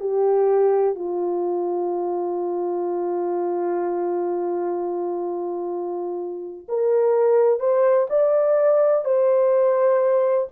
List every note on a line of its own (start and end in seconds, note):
0.00 0.95 G4
0.95 6.67 F4
6.68 7.60 A#4
7.60 8.07 C5
8.10 9.05 D5
9.05 10.48 C5